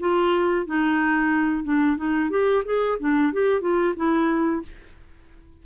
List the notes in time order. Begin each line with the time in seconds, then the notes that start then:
0.00 F4
0.66 D#4
1.64 D4
1.97 D#4
2.30 G4
2.65 G#4
3.00 D4
3.33 G4
3.61 F4
3.96 E4